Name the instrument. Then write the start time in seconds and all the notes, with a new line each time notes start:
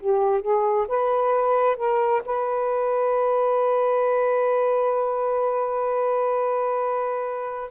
saxophone
0.00 G4
0.41 G#4
0.88 B4
1.76 A#4
2.25 B4